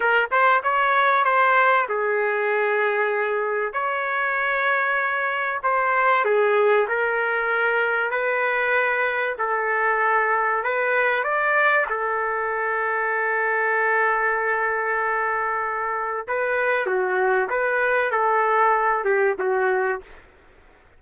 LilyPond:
\new Staff \with { instrumentName = "trumpet" } { \time 4/4 \tempo 4 = 96 ais'8 c''8 cis''4 c''4 gis'4~ | gis'2 cis''2~ | cis''4 c''4 gis'4 ais'4~ | ais'4 b'2 a'4~ |
a'4 b'4 d''4 a'4~ | a'1~ | a'2 b'4 fis'4 | b'4 a'4. g'8 fis'4 | }